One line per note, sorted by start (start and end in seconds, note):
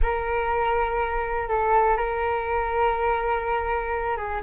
0.02 1.48 A#4
1.48 1.97 A4
1.97 4.17 A#4
4.17 4.41 G#4